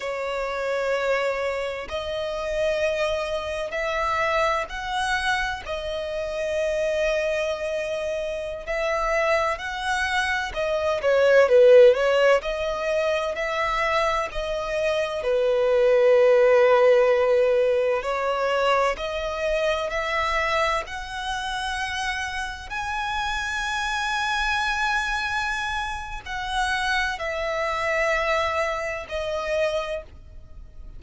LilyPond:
\new Staff \with { instrumentName = "violin" } { \time 4/4 \tempo 4 = 64 cis''2 dis''2 | e''4 fis''4 dis''2~ | dis''4~ dis''16 e''4 fis''4 dis''8 cis''16~ | cis''16 b'8 cis''8 dis''4 e''4 dis''8.~ |
dis''16 b'2. cis''8.~ | cis''16 dis''4 e''4 fis''4.~ fis''16~ | fis''16 gis''2.~ gis''8. | fis''4 e''2 dis''4 | }